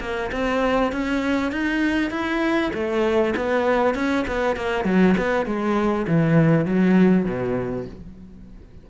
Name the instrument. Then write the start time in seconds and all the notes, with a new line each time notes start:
cello
0.00 A#3
0.32 C4
0.92 C#4
1.52 D#4
2.10 E4
2.74 A3
3.36 B3
3.95 C#4
4.27 B3
4.56 A#3
4.85 F#3
5.17 B3
5.46 G#3
6.07 E3
6.66 F#3
7.25 B2